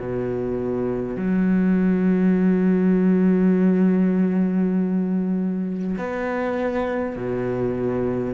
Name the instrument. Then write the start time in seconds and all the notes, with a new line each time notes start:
cello
0.00 B2
1.17 F#3
5.98 B3
7.16 B2